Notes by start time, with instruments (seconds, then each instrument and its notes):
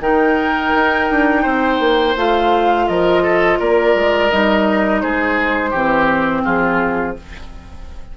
0.00 bassoon D#3, clarinet D#4, oboe A#4, flute G5
0.75 bassoon D#4
1.11 bassoon D4
1.43 bassoon C4, oboe C5
1.80 bassoon A#3
2.16 bassoon A3, clarinet F4, flute F5
2.88 bassoon F3, oboe A#4, flute D#5
3.23 oboe A4
3.60 bassoon A#3, oboe A#4, flute D5
3.95 bassoon G#3
4.31 bassoon G3, clarinet D#4, flute D#5
5.01 bassoon G#3, oboe G#4, flute C5
5.71 bassoon E3, clarinet C4, oboe G4
6.45 bassoon F3, oboe F4, flute G#4